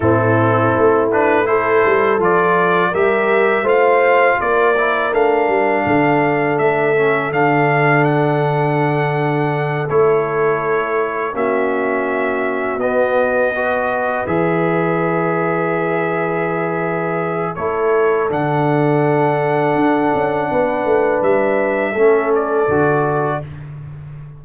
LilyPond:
<<
  \new Staff \with { instrumentName = "trumpet" } { \time 4/4 \tempo 4 = 82 a'4. b'8 c''4 d''4 | e''4 f''4 d''4 f''4~ | f''4 e''4 f''4 fis''4~ | fis''4. cis''2 e''8~ |
e''4. dis''2 e''8~ | e''1 | cis''4 fis''2.~ | fis''4 e''4. d''4. | }
  \new Staff \with { instrumentName = "horn" } { \time 4/4 e'2 a'2 | ais'4 c''4 ais'2 | a'1~ | a'2.~ a'8 fis'8~ |
fis'2~ fis'8 b'4.~ | b'1 | a'1 | b'2 a'2 | }
  \new Staff \with { instrumentName = "trombone" } { \time 4/4 c'4. d'8 e'4 f'4 | g'4 f'4. e'8 d'4~ | d'4. cis'8 d'2~ | d'4. e'2 cis'8~ |
cis'4. b4 fis'4 gis'8~ | gis'1 | e'4 d'2.~ | d'2 cis'4 fis'4 | }
  \new Staff \with { instrumentName = "tuba" } { \time 4/4 a,4 a4. g8 f4 | g4 a4 ais4 a8 g8 | d4 a4 d2~ | d4. a2 ais8~ |
ais4. b2 e8~ | e1 | a4 d2 d'8 cis'8 | b8 a8 g4 a4 d4 | }
>>